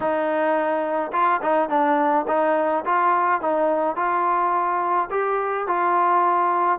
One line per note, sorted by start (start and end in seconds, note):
0.00 1.11 D#4
1.12 1.40 F4
1.42 1.69 D#4
1.69 2.25 D4
2.27 2.84 D#4
2.85 3.41 F4
3.41 3.95 D#4
3.95 5.09 F4
5.10 5.67 G4
5.67 6.79 F4